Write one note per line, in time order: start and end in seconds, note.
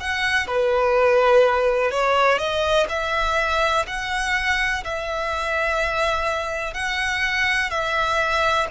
0.00 0.47 F#5
0.47 1.91 B4
1.91 2.38 C#5
2.38 2.86 D#5
2.89 3.85 E5
3.87 4.83 F#5
4.84 6.73 E5
6.73 7.70 F#5
7.70 8.67 E5